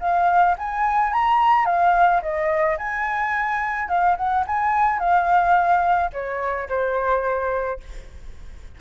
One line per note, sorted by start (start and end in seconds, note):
0.00 0.56 F5
0.58 1.13 G#5
1.13 1.65 A#5
1.65 2.21 F5
2.22 2.77 D#5
2.78 3.88 G#5
3.88 4.16 F5
4.17 4.45 F#5
4.46 4.99 G#5
4.99 6.10 F5
6.13 6.68 C#5
6.69 7.80 C5